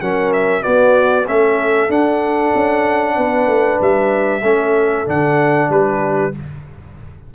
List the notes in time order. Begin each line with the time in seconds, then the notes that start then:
0.00 F#3 C#4 A#4 F#5
0.32 E5
0.61 B3 F#4 D5
1.27 A3 C#4 A4 E5
1.89 D4 F#5
2.54 C#4
3.15 B3 B4
3.47 A3
3.81 G3 E5
4.42 A3 C#4 A4
5.05 D3 D4 F#5
5.69 G3 G4 B4